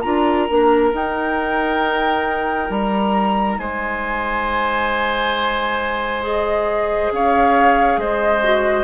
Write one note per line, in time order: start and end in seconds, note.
0.00 0.48 D4
0.00 0.47 F4
0.00 3.57 A#4
0.00 0.88 A#5
0.49 0.93 A#3
0.49 0.92 D4
0.92 6.22 D#4
0.92 2.69 D#4
0.92 2.71 G5
2.69 3.57 G3
2.69 3.58 A#5
3.57 7.10 G#3
3.57 7.12 C5
3.57 6.23 G#5
6.22 8.42 G#4
6.22 7.12 D#5
7.11 7.97 C#4
7.11 8.00 C#5
7.11 7.99 F5
7.97 8.83 G#3
7.97 8.83 C5
7.97 8.83 D#5
8.43 8.83 F#4